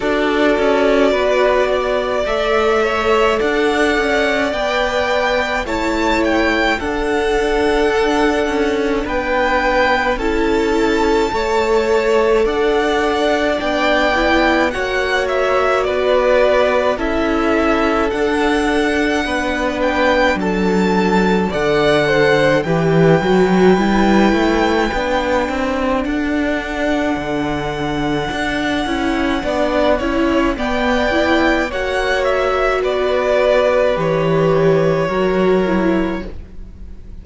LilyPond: <<
  \new Staff \with { instrumentName = "violin" } { \time 4/4 \tempo 4 = 53 d''2 e''4 fis''4 | g''4 a''8 g''8 fis''2 | g''4 a''2 fis''4 | g''4 fis''8 e''8 d''4 e''4 |
fis''4. g''8 a''4 fis''4 | g''2. fis''4~ | fis''2. g''4 | fis''8 e''8 d''4 cis''2 | }
  \new Staff \with { instrumentName = "violin" } { \time 4/4 a'4 b'8 d''4 cis''8 d''4~ | d''4 cis''4 a'2 | b'4 a'4 cis''4 d''4~ | d''4 cis''4 b'4 a'4~ |
a'4 b'4 a'4 d''8 c''8 | b'2. a'4~ | a'2 d''8 cis''8 d''4 | cis''4 b'2 ais'4 | }
  \new Staff \with { instrumentName = "viola" } { \time 4/4 fis'2 a'2 | b'4 e'4 d'2~ | d'4 e'4 a'2 | d'8 e'8 fis'2 e'4 |
d'2. a'4 | g'8 fis'8 e'4 d'2~ | d'4. e'8 d'8 e'8 b8 e'8 | fis'2 g'4 fis'8 e'8 | }
  \new Staff \with { instrumentName = "cello" } { \time 4/4 d'8 cis'8 b4 a4 d'8 cis'8 | b4 a4 d'4. cis'8 | b4 cis'4 a4 d'4 | b4 ais4 b4 cis'4 |
d'4 b4 fis4 d4 | e8 fis8 g8 a8 b8 c'8 d'4 | d4 d'8 cis'8 b8 cis'8 b4 | ais4 b4 e4 fis4 | }
>>